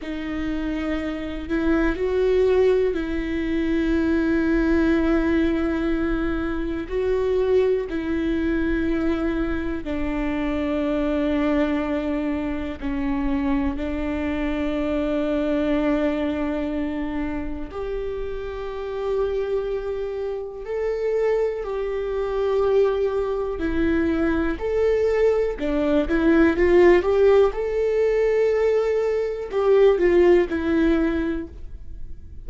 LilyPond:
\new Staff \with { instrumentName = "viola" } { \time 4/4 \tempo 4 = 61 dis'4. e'8 fis'4 e'4~ | e'2. fis'4 | e'2 d'2~ | d'4 cis'4 d'2~ |
d'2 g'2~ | g'4 a'4 g'2 | e'4 a'4 d'8 e'8 f'8 g'8 | a'2 g'8 f'8 e'4 | }